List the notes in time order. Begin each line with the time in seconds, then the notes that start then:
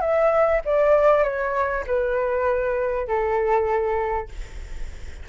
0.00 E5
0.65 D5
1.23 C#5
1.86 B4
3.07 A4